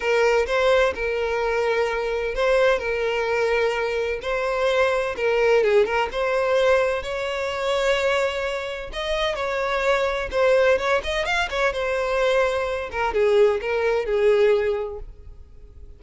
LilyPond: \new Staff \with { instrumentName = "violin" } { \time 4/4 \tempo 4 = 128 ais'4 c''4 ais'2~ | ais'4 c''4 ais'2~ | ais'4 c''2 ais'4 | gis'8 ais'8 c''2 cis''4~ |
cis''2. dis''4 | cis''2 c''4 cis''8 dis''8 | f''8 cis''8 c''2~ c''8 ais'8 | gis'4 ais'4 gis'2 | }